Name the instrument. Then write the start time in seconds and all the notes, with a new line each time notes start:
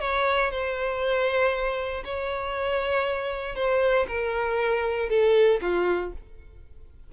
violin
0.00 C#5
0.51 C5
2.04 C#5
3.55 C5
4.08 A#4
5.09 A4
5.61 F4